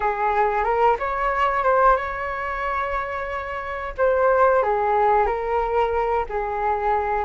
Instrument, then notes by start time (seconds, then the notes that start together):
flute
0.00 G#4
0.64 A#4
0.99 C#5
1.63 C5
1.96 C#5
3.97 C5
4.62 G#4
5.26 A#4
6.29 G#4